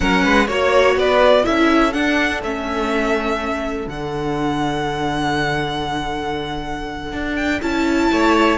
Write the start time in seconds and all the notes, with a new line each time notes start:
0.00 F#3 C#4 A#4 F#5
0.24 G#3 B4
0.47 A#3 F#4 C#5
0.95 B3 B4 D5
1.43 C#4 E4 A4 E5
1.92 D4 F#5
2.42 A3 C#4 E5
3.86 D3 D4 F#5
7.12 D4
7.35 G5
7.62 C#4 E4 A5
8.11 A3 C#5